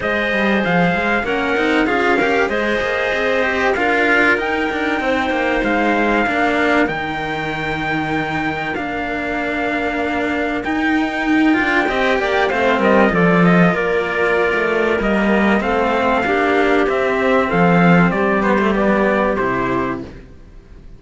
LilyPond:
<<
  \new Staff \with { instrumentName = "trumpet" } { \time 4/4 \tempo 4 = 96 dis''4 f''4 fis''4 f''4 | dis''2 f''4 g''4~ | g''4 f''2 g''4~ | g''2 f''2~ |
f''4 g''2. | f''8 dis''8 d''8 dis''8 d''2 | dis''4 f''2 e''4 | f''4 d''8 c''8 d''4 c''4 | }
  \new Staff \with { instrumentName = "clarinet" } { \time 4/4 c''2 ais'4 gis'8 ais'8 | c''2 ais'2 | c''2 ais'2~ | ais'1~ |
ais'2. dis''8 d''8 | c''8 ais'8 a'4 ais'2~ | ais'4 a'4 g'2 | a'4 g'2. | }
  \new Staff \with { instrumentName = "cello" } { \time 4/4 gis'2 cis'8 dis'8 f'8 g'8 | gis'4. g'8 f'4 dis'4~ | dis'2 d'4 dis'4~ | dis'2 d'2~ |
d'4 dis'4. f'8 g'4 | c'4 f'2. | ais4 c'4 d'4 c'4~ | c'4. b16 a16 b4 e'4 | }
  \new Staff \with { instrumentName = "cello" } { \time 4/4 gis8 g8 f8 gis8 ais8 c'8 cis'4 | gis8 ais8 c'4 d'4 dis'8 d'8 | c'8 ais8 gis4 ais4 dis4~ | dis2 ais2~ |
ais4 dis'4. d'8 c'8 ais8 | a8 g8 f4 ais4~ ais16 a8. | g4 a4 ais4 c'4 | f4 g2 c4 | }
>>